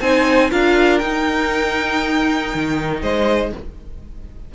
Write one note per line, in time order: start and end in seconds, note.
0.00 0.51 C4
0.00 0.50 D#4
0.00 0.51 C5
0.00 0.50 G#5
0.50 1.02 D4
0.50 1.01 F4
0.50 3.02 A#4
0.50 0.98 F5
0.98 2.54 D#4
0.98 3.55 D#4
0.98 3.00 G5
2.54 3.02 D#3
3.02 3.52 G#3
3.02 3.52 C5
3.02 3.53 D#5